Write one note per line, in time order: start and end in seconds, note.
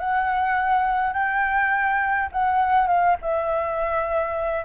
0.00 1.13 F#5
1.13 2.30 G5
2.32 2.88 F#5
2.88 3.17 F5
3.22 4.65 E5